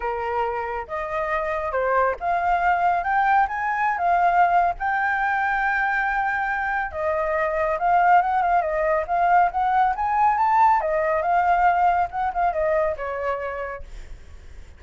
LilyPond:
\new Staff \with { instrumentName = "flute" } { \time 4/4 \tempo 4 = 139 ais'2 dis''2 | c''4 f''2 g''4 | gis''4~ gis''16 f''4.~ f''16 g''4~ | g''1 |
dis''2 f''4 fis''8 f''8 | dis''4 f''4 fis''4 gis''4 | a''4 dis''4 f''2 | fis''8 f''8 dis''4 cis''2 | }